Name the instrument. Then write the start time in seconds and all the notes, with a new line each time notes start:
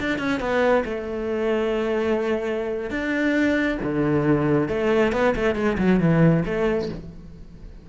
cello
0.00 D4
0.18 C#4
0.40 B3
0.85 A3
2.91 D4
3.83 D3
4.69 A3
5.13 B3
5.36 A3
5.55 G#3
5.78 F#3
6.00 E3
6.46 A3